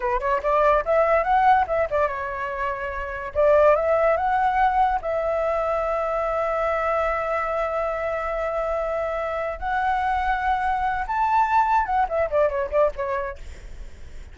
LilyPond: \new Staff \with { instrumentName = "flute" } { \time 4/4 \tempo 4 = 144 b'8 cis''8 d''4 e''4 fis''4 | e''8 d''8 cis''2. | d''4 e''4 fis''2 | e''1~ |
e''1~ | e''2. fis''4~ | fis''2~ fis''8 a''4.~ | a''8 fis''8 e''8 d''8 cis''8 d''8 cis''4 | }